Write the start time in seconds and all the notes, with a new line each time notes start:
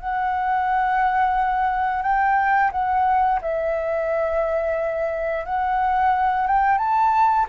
0.00 F#5
2.03 G5
2.72 F#5
3.42 E5
5.45 F#5
6.47 G5
6.78 A5